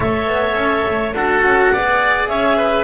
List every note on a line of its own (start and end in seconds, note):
0.00 0.26 A3
0.00 1.14 A4
0.00 1.15 C#5
0.00 1.13 E5
0.26 0.54 B3
0.54 0.83 C#4
0.88 1.13 A3
1.13 1.42 D4
1.13 1.74 F#4
1.13 1.72 A4
1.13 2.27 F#5
1.42 1.71 C#4
1.72 2.28 B3
1.72 2.83 G#4
1.72 2.29 D5
2.27 2.83 C#4
2.27 2.57 C#5
2.27 2.83 E5
2.57 2.83 B4